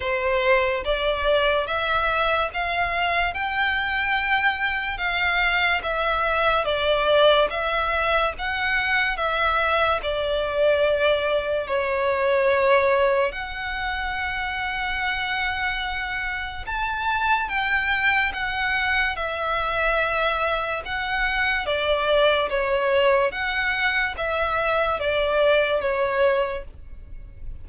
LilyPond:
\new Staff \with { instrumentName = "violin" } { \time 4/4 \tempo 4 = 72 c''4 d''4 e''4 f''4 | g''2 f''4 e''4 | d''4 e''4 fis''4 e''4 | d''2 cis''2 |
fis''1 | a''4 g''4 fis''4 e''4~ | e''4 fis''4 d''4 cis''4 | fis''4 e''4 d''4 cis''4 | }